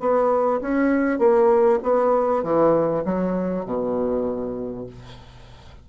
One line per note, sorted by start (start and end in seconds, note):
0.00 0.61 B3
0.61 1.19 C#4
1.19 1.80 A#3
1.83 2.43 B3
2.43 3.04 E3
3.05 3.65 F#3
3.65 4.87 B2